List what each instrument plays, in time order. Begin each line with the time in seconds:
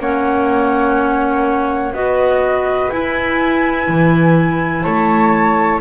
0.00 double bass A#3, clarinet C#4, flute C#5 F#5
1.94 double bass B3, clarinet F#4, flute B4 D#5
2.91 clarinet E4, double bass E4, flute G#5
3.89 double bass E3
4.83 double bass A3, flute C#5 A5